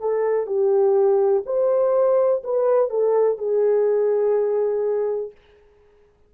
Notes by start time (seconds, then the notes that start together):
0.00 A4
0.46 G4
1.45 C5
2.43 B4
2.89 A4
3.37 G#4